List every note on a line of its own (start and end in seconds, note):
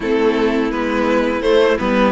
0.00 0.70 A3
0.00 0.72 C4
0.00 2.11 E4
0.00 0.71 A4
0.70 1.42 G#3
0.70 1.42 B3
0.70 1.42 B4
1.42 1.77 A3
1.42 1.78 A3
1.42 1.77 C5
1.78 2.11 G3
1.78 2.11 B3
1.78 2.11 B4